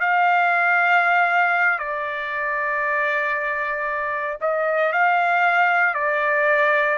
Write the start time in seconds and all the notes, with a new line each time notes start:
0.00 F5
1.79 D5
4.41 D#5
4.93 F5
5.94 D5